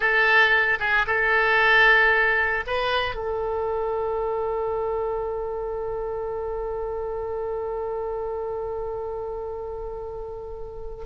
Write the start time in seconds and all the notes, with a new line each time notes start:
0.00 A4
0.79 G#4
1.06 A4
2.67 B4
3.15 A4